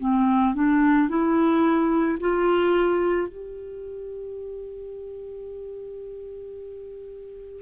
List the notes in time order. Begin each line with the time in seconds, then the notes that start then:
0.00 C4
0.55 D4
1.09 E4
2.20 F4
3.28 G4